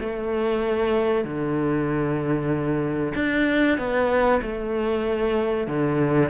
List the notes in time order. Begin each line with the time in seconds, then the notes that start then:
0.00 A3
1.24 D3
3.15 D4
3.78 B3
4.42 A3
5.67 D3